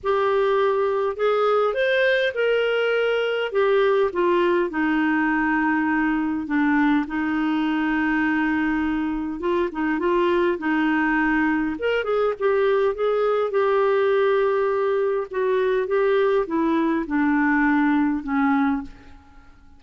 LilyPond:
\new Staff \with { instrumentName = "clarinet" } { \time 4/4 \tempo 4 = 102 g'2 gis'4 c''4 | ais'2 g'4 f'4 | dis'2. d'4 | dis'1 |
f'8 dis'8 f'4 dis'2 | ais'8 gis'8 g'4 gis'4 g'4~ | g'2 fis'4 g'4 | e'4 d'2 cis'4 | }